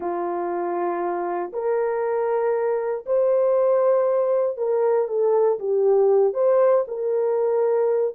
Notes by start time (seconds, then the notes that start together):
0.00 F4
1.53 A#4
3.06 C5
4.57 A#4
5.07 A4
5.59 G4
6.33 C5
6.87 A#4